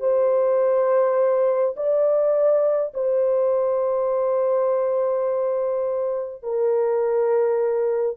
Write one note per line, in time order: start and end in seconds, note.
0.00 1.75 C5
1.77 2.93 D5
2.94 6.43 C5
6.43 8.17 A#4